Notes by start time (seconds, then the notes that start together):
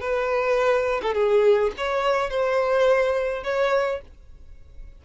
0.00 B4
1.02 A4
1.14 G#4
1.77 C#5
2.30 C5
3.44 C#5